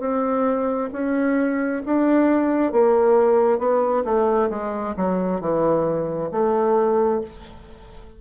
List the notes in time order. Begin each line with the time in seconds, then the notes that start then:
0.00 C4
0.93 C#4
1.86 D4
2.72 A#3
3.59 B3
4.05 A3
4.50 G#3
4.97 F#3
5.41 E3
6.32 A3